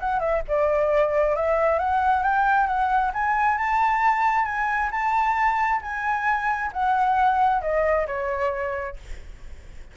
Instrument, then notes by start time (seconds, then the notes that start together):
flute
0.00 F#5
0.19 E5
0.48 D5
1.35 E5
1.79 F#5
2.23 G5
2.67 F#5
3.14 G#5
3.58 A5
4.45 G#5
4.91 A5
5.81 G#5
6.73 F#5
7.62 D#5
8.07 C#5